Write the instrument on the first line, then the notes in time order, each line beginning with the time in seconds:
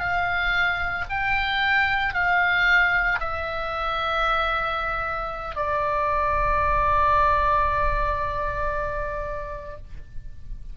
oboe
0.00 F5
1.10 G5
2.14 F5
3.20 E5
5.56 D5